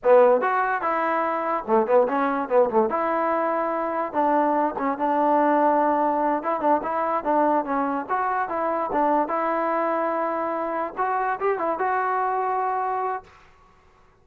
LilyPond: \new Staff \with { instrumentName = "trombone" } { \time 4/4 \tempo 4 = 145 b4 fis'4 e'2 | a8 b8 cis'4 b8 a8 e'4~ | e'2 d'4. cis'8 | d'2.~ d'8 e'8 |
d'8 e'4 d'4 cis'4 fis'8~ | fis'8 e'4 d'4 e'4.~ | e'2~ e'8 fis'4 g'8 | e'8 fis'2.~ fis'8 | }